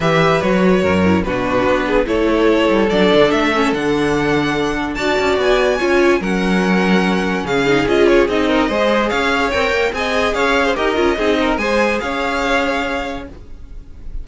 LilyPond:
<<
  \new Staff \with { instrumentName = "violin" } { \time 4/4 \tempo 4 = 145 e''4 cis''2 b'4~ | b'4 cis''2 d''4 | e''4 fis''2. | a''4 gis''2 fis''4~ |
fis''2 f''4 dis''8 cis''8 | dis''2 f''4 g''4 | gis''4 f''4 dis''2 | gis''4 f''2. | }
  \new Staff \with { instrumentName = "violin" } { \time 4/4 b'2 ais'4 fis'4~ | fis'8 gis'8 a'2.~ | a'1 | d''2 cis''4 ais'4~ |
ais'2 gis'2~ | gis'8 ais'8 c''4 cis''2 | dis''4 cis''8. c''16 ais'4 gis'8 ais'8 | c''4 cis''2. | }
  \new Staff \with { instrumentName = "viola" } { \time 4/4 g'4 fis'4. e'8 d'4~ | d'4 e'2 d'4~ | d'8 cis'8 d'2. | fis'2 f'4 cis'4~ |
cis'2~ cis'8 dis'8 f'4 | dis'4 gis'2 ais'4 | gis'2 g'8 f'8 dis'4 | gis'1 | }
  \new Staff \with { instrumentName = "cello" } { \time 4/4 e4 fis4 fis,4 b,4 | b4 a4. g8 fis8 d8 | a4 d2. | d'8 cis'8 b4 cis'4 fis4~ |
fis2 cis4 cis'4 | c'4 gis4 cis'4 c'8 ais8 | c'4 cis'4 dis'8 cis'8 c'4 | gis4 cis'2. | }
>>